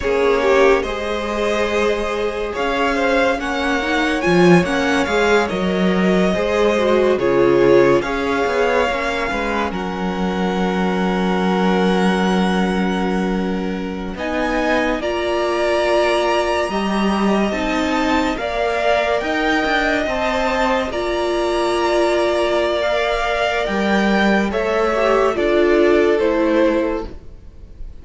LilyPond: <<
  \new Staff \with { instrumentName = "violin" } { \time 4/4 \tempo 4 = 71 cis''4 dis''2 f''4 | fis''4 gis''8 fis''8 f''8 dis''4.~ | dis''8 cis''4 f''2 fis''8~ | fis''1~ |
fis''8. gis''4 ais''2~ ais''16~ | ais''8. a''4 f''4 g''4 a''16~ | a''8. ais''2~ ais''16 f''4 | g''4 e''4 d''4 c''4 | }
  \new Staff \with { instrumentName = "violin" } { \time 4/4 gis'8 g'8 c''2 cis''8 c''8 | cis''2.~ cis''8 c''8~ | c''8 gis'4 cis''4. b'8 ais'8~ | ais'1~ |
ais'8. dis''4 d''2 dis''16~ | dis''4.~ dis''16 d''4 dis''4~ dis''16~ | dis''8. d''2.~ d''16~ | d''4 cis''4 a'2 | }
  \new Staff \with { instrumentName = "viola" } { \time 4/4 cis'4 gis'2. | cis'8 dis'8 f'8 cis'8 gis'8 ais'4 gis'8 | fis'8 f'4 gis'4 cis'4.~ | cis'1~ |
cis'8. dis'4 f'2 g'16~ | g'8. dis'4 ais'2 c''16~ | c''8. f'2~ f'16 ais'4~ | ais'4 a'8 g'8 f'4 e'4 | }
  \new Staff \with { instrumentName = "cello" } { \time 4/4 ais4 gis2 cis'4 | ais4 f8 ais8 gis8 fis4 gis8~ | gis8 cis4 cis'8 b8 ais8 gis8 fis8~ | fis1~ |
fis8. b4 ais2 g16~ | g8. c'4 ais4 dis'8 d'8 c'16~ | c'8. ais2.~ ais16 | g4 a4 d'4 a4 | }
>>